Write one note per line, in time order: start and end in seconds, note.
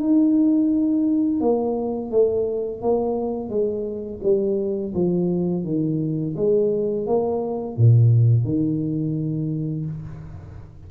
0.00 1.41 D#4
1.41 2.11 A#3
2.11 2.82 A3
2.82 3.49 A#3
3.49 4.20 G#3
4.23 4.93 G3
4.94 5.64 F3
5.64 6.35 D#3
6.36 7.07 G#3
7.07 7.77 A#3
7.77 8.44 A#2
8.44 9.86 D#3